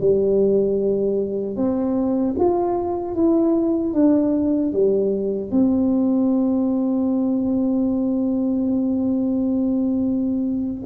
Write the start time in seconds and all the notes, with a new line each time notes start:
0.00 G3
1.56 C4
2.39 F4
3.14 E4
3.93 D4
4.72 G3
5.50 C4